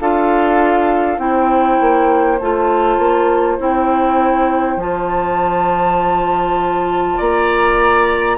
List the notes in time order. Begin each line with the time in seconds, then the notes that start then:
0.00 D4 F4 A4 F5
1.18 C4 E4 C5 G5
1.80 A#3
2.39 A3 F4 A5
2.98 A#3
3.58 C4 E4 G5
4.76 F3 F4 A5
7.17 A#3 D5 A#5